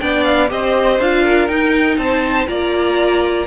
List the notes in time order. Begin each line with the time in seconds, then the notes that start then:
0.00 B3 D4 D5 G5
0.24 F5
0.48 C4 G4 C5 D#5
1.00 D4 F4 F5
1.24 A#4
1.48 D#4 G5
1.98 C4 C5 A5
2.47 A#3 F4 D5 A#5